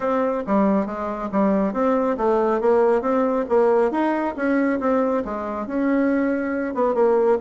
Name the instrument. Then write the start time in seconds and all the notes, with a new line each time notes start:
bassoon
0.00 C4
0.46 G3
0.86 G#3
1.32 G3
1.73 C4
2.17 A3
2.60 A#3
3.01 C4
3.49 A#3
3.91 D#4
4.36 C#4
4.80 C4
5.25 G#3
5.66 C#4
6.74 B3
6.94 A#3